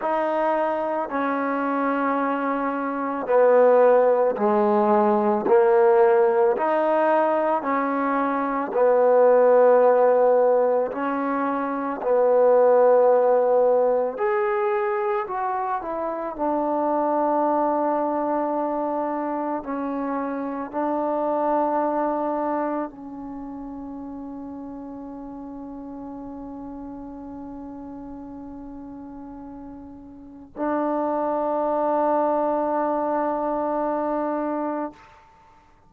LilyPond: \new Staff \with { instrumentName = "trombone" } { \time 4/4 \tempo 4 = 55 dis'4 cis'2 b4 | gis4 ais4 dis'4 cis'4 | b2 cis'4 b4~ | b4 gis'4 fis'8 e'8 d'4~ |
d'2 cis'4 d'4~ | d'4 cis'2.~ | cis'1 | d'1 | }